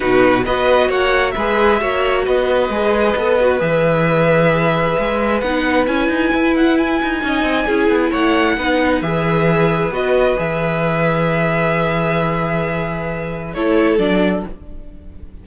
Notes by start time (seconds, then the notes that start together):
0.00 B2 D#4 F#4 B4
0.45 B3 F#4 B4 D#5
0.88 A#3 C#5 F#5
1.31 G#3 B4 E5
1.38 G#4
1.80 A#3 F#4 C#5
2.25 B3 B4 D#5
2.69 G#3 G#4
3.16 B3 A4
3.40 F#4
3.59 E3 G#4 E5
4.98 G#3
5.40 B3 D#4 F#5
5.86 C#4 E4 G#5
6.08 D#4
6.33 E4
6.56 F#5
6.77 G#5
7.02 D#4
7.21 C#4 D#4 D#5
7.42 C4
7.66 C#4 E4 G#4
7.88 B3
8.10 A3 C#5 F#5
8.57 B3 D#4 B4
9.01 E3 G#4 E5
9.90 B3 F#4 D#5
10.37 E3 G#4 E5
13.53 A3 E4 A4 C#5
13.98 F#3 D4 D5